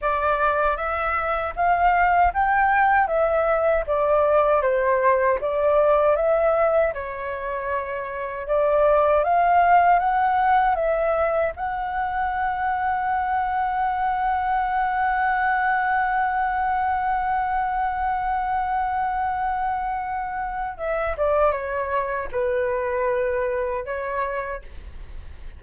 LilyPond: \new Staff \with { instrumentName = "flute" } { \time 4/4 \tempo 4 = 78 d''4 e''4 f''4 g''4 | e''4 d''4 c''4 d''4 | e''4 cis''2 d''4 | f''4 fis''4 e''4 fis''4~ |
fis''1~ | fis''1~ | fis''2. e''8 d''8 | cis''4 b'2 cis''4 | }